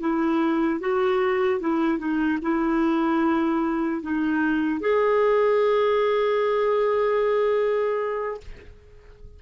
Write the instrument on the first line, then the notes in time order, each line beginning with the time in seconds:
clarinet
0.00 E4
0.80 F#4
1.60 E4
1.98 D#4
2.42 E4
4.02 D#4
4.80 G#4